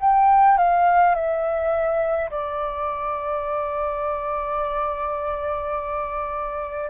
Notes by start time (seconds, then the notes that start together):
0.00 G5
0.58 F5
1.15 E5
2.30 D5